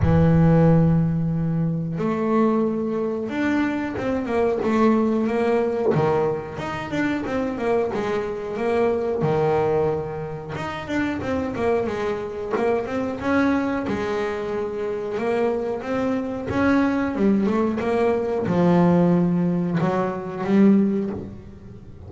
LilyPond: \new Staff \with { instrumentName = "double bass" } { \time 4/4 \tempo 4 = 91 e2. a4~ | a4 d'4 c'8 ais8 a4 | ais4 dis4 dis'8 d'8 c'8 ais8 | gis4 ais4 dis2 |
dis'8 d'8 c'8 ais8 gis4 ais8 c'8 | cis'4 gis2 ais4 | c'4 cis'4 g8 a8 ais4 | f2 fis4 g4 | }